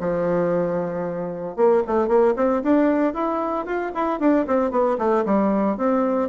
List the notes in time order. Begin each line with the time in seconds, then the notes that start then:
0.00 F3
1.56 A#3
1.86 A3
2.07 A#3
2.36 C4
2.62 D4
3.13 E4
3.65 F4
3.94 E4
4.20 D4
4.47 C4
4.71 B3
4.98 A3
5.25 G3
5.77 C4